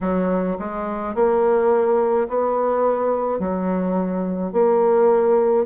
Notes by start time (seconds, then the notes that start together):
0.01 F#3
0.58 G#3
1.14 A#3
2.28 B3
3.39 F#3
4.52 A#3